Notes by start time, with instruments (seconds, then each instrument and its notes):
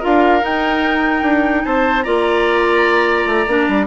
0.00 bassoon D4, clarinet F4, oboe A#4, flute F5
0.41 clarinet D#4, bassoon D#4, flute G5
1.23 bassoon D4
1.65 bassoon C4, oboe C5, flute A5
2.03 bassoon A#3, clarinet F4, oboe D5, flute A#5
3.26 bassoon A3
3.47 bassoon A#3, clarinet D4
3.68 bassoon G3